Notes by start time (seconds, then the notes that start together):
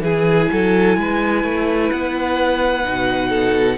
0.00 E3 E4 G#4 G#5
0.52 F#3 A4
0.96 G#3 B4
1.43 A3
1.91 B3 F#5
2.83 B2 D#4
3.29 A4